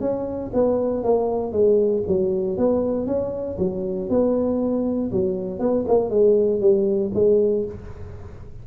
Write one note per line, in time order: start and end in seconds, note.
0.00 0.51 C#4
0.53 1.03 B3
1.03 1.52 A#3
1.52 2.03 G#3
2.07 2.57 F#3
2.57 3.06 B3
3.06 3.57 C#4
3.58 4.09 F#3
4.09 5.11 B3
5.11 5.59 F#3
5.59 5.85 B3
5.88 6.09 A#3
6.09 6.60 G#3
6.60 7.11 G3
7.14 7.65 G#3